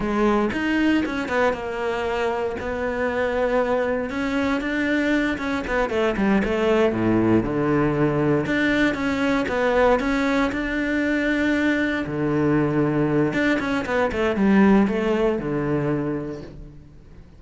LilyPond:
\new Staff \with { instrumentName = "cello" } { \time 4/4 \tempo 4 = 117 gis4 dis'4 cis'8 b8 ais4~ | ais4 b2. | cis'4 d'4. cis'8 b8 a8 | g8 a4 a,4 d4.~ |
d8 d'4 cis'4 b4 cis'8~ | cis'8 d'2. d8~ | d2 d'8 cis'8 b8 a8 | g4 a4 d2 | }